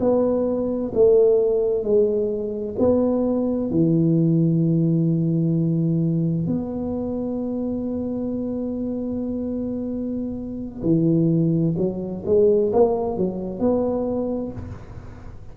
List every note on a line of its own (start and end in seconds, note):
0.00 0.92 B3
0.94 1.83 A3
1.83 2.76 G#3
2.79 3.70 B3
3.70 6.47 E3
6.47 10.83 B3
10.83 11.75 E3
11.78 12.24 F#3
12.26 12.72 G#3
12.73 13.17 A#3
13.17 13.59 F#3
13.59 14.52 B3